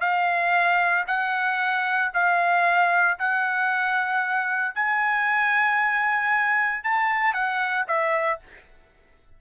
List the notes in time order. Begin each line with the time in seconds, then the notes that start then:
0.00 F5
1.07 F#5
2.13 F5
3.18 F#5
4.75 G#5
6.83 A5
7.33 F#5
7.87 E5